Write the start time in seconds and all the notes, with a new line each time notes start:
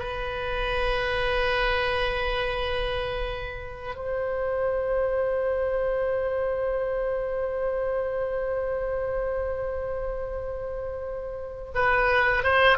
0.00 B4
3.96 C5
11.75 B4
12.44 C5